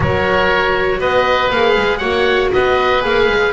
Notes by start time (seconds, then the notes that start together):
0.00 F#3 F#4 A#4 C#5
0.99 B3 B4 D#5
1.50 A#3 G#4 F5
1.76 G#3
1.97 A#3 F#4 C#5 F#5
2.53 B3 B4 D#5
3.00 A#3 G#4 F5
3.27 G#3